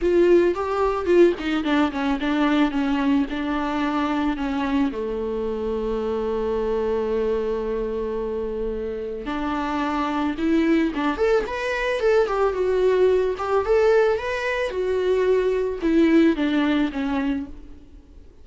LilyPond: \new Staff \with { instrumentName = "viola" } { \time 4/4 \tempo 4 = 110 f'4 g'4 f'8 dis'8 d'8 cis'8 | d'4 cis'4 d'2 | cis'4 a2.~ | a1~ |
a4 d'2 e'4 | d'8 a'8 b'4 a'8 g'8 fis'4~ | fis'8 g'8 a'4 b'4 fis'4~ | fis'4 e'4 d'4 cis'4 | }